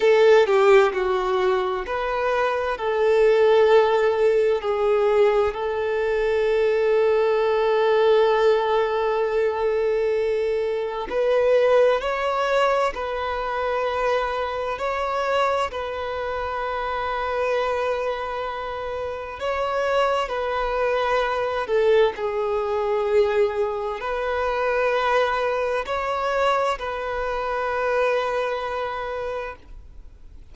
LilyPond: \new Staff \with { instrumentName = "violin" } { \time 4/4 \tempo 4 = 65 a'8 g'8 fis'4 b'4 a'4~ | a'4 gis'4 a'2~ | a'1 | b'4 cis''4 b'2 |
cis''4 b'2.~ | b'4 cis''4 b'4. a'8 | gis'2 b'2 | cis''4 b'2. | }